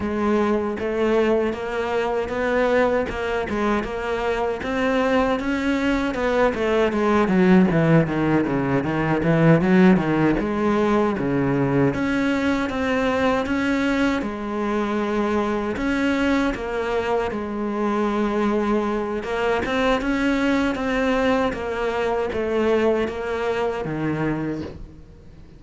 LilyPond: \new Staff \with { instrumentName = "cello" } { \time 4/4 \tempo 4 = 78 gis4 a4 ais4 b4 | ais8 gis8 ais4 c'4 cis'4 | b8 a8 gis8 fis8 e8 dis8 cis8 dis8 | e8 fis8 dis8 gis4 cis4 cis'8~ |
cis'8 c'4 cis'4 gis4.~ | gis8 cis'4 ais4 gis4.~ | gis4 ais8 c'8 cis'4 c'4 | ais4 a4 ais4 dis4 | }